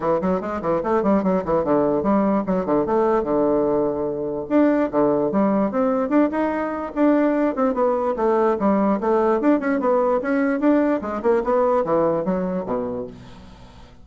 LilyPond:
\new Staff \with { instrumentName = "bassoon" } { \time 4/4 \tempo 4 = 147 e8 fis8 gis8 e8 a8 g8 fis8 e8 | d4 g4 fis8 d8 a4 | d2. d'4 | d4 g4 c'4 d'8 dis'8~ |
dis'4 d'4. c'8 b4 | a4 g4 a4 d'8 cis'8 | b4 cis'4 d'4 gis8 ais8 | b4 e4 fis4 b,4 | }